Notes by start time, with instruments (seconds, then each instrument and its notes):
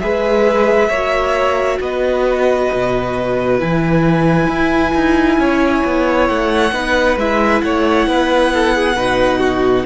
0.00 cello G#3, viola G#4, violin B4 E5
0.90 cello A#3, viola F#4, violin C#5
1.80 cello B3, violin B4 D#5
2.73 cello B2
3.59 cello E3, viola E4, violin G#5
4.48 cello E4
4.95 cello D#4
5.38 cello C#4, violin C#5
5.85 cello B3
6.28 cello A3, violin F#5
6.72 cello B3, viola D#4, violin B4
7.17 cello G#3, viola E4, violin E5
7.62 cello A3, violin C#5 F#5
8.07 cello B3, violin B4
8.54 violin A4
8.76 violin G#4
8.96 cello B2, viola D#4, violin B4
9.39 violin F#4